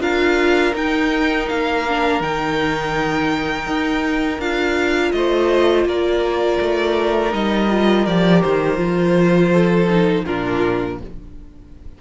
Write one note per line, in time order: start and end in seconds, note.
0.00 0.73 D4
0.00 0.73 F4
0.00 5.13 A#4
0.00 0.75 F5
0.75 1.48 D#4
0.75 1.85 D#4
0.75 1.49 G5
1.49 2.20 A#3
1.49 2.22 F5
1.88 2.23 D4
2.20 3.66 D#3
2.20 4.41 D#4
2.20 4.40 G5
3.66 4.39 D#4
4.39 5.12 D4
4.39 7.30 F4
4.39 5.12 F5
5.12 5.85 A3
5.12 5.87 C5
5.12 5.85 D#5
5.85 6.58 A#3
5.85 9.52 A#4
5.85 7.33 D5
6.61 7.33 A3
7.30 8.06 G3
7.30 7.66 D#4
7.30 8.06 D#5
7.70 8.07 F4
8.06 8.43 F3
8.06 8.76 G4
8.06 8.42 D5
8.42 8.78 D#3
8.42 10.25 C5
8.76 10.24 F3
8.76 9.86 F4
9.52 10.24 A4
9.88 10.25 D#4
10.24 11.01 A#2
10.24 11.00 D4
10.24 10.98 F4
10.24 10.99 A#4